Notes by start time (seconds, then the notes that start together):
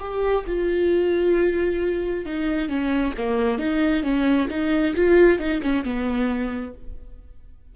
0.00 G4
0.47 F4
2.26 D#4
2.69 C#4
3.18 A#3
3.58 D#4
4.03 C#4
4.50 D#4
4.96 F4
5.39 D#4
5.62 C#4
5.85 B3